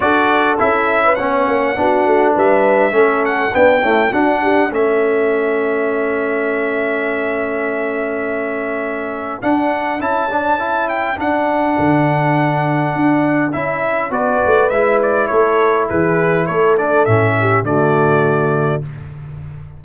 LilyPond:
<<
  \new Staff \with { instrumentName = "trumpet" } { \time 4/4 \tempo 4 = 102 d''4 e''4 fis''2 | e''4. fis''8 g''4 fis''4 | e''1~ | e''1 |
fis''4 a''4. g''8 fis''4~ | fis''2. e''4 | d''4 e''8 d''8 cis''4 b'4 | cis''8 d''8 e''4 d''2 | }
  \new Staff \with { instrumentName = "horn" } { \time 4/4 a'4.~ a'16 b'16 cis''4 fis'4 | b'4 a'4 d'8 e'8 fis'8 g'8 | a'1~ | a'1~ |
a'1~ | a'1 | b'2 a'4 gis'4 | a'4. g'8 fis'2 | }
  \new Staff \with { instrumentName = "trombone" } { \time 4/4 fis'4 e'4 cis'4 d'4~ | d'4 cis'4 b8 a8 d'4 | cis'1~ | cis'1 |
d'4 e'8 d'8 e'4 d'4~ | d'2. e'4 | fis'4 e'2.~ | e'8 d'8 cis'4 a2 | }
  \new Staff \with { instrumentName = "tuba" } { \time 4/4 d'4 cis'4 b8 ais8 b8 a8 | g4 a4 b8 cis'8 d'4 | a1~ | a1 |
d'4 cis'2 d'4 | d2 d'4 cis'4 | b8 a8 gis4 a4 e4 | a4 a,4 d2 | }
>>